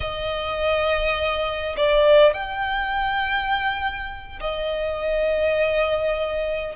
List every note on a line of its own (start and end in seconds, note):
0.00 1.76 D#5
1.76 2.33 D5
2.33 4.39 G5
4.40 6.75 D#5